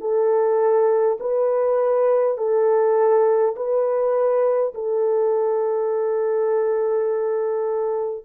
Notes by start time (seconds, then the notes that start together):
0.00 A4
1.20 B4
2.37 A4
3.56 B4
4.74 A4